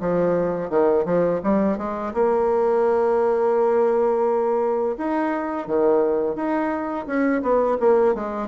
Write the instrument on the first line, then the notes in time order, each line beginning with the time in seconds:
bassoon
0.00 F3
0.69 D#3
1.05 F3
1.43 G3
1.77 G#3
2.13 A#3
4.97 D#4
5.67 D#3
6.35 D#4
7.06 C#4
7.42 B3
7.79 A#3
8.14 G#3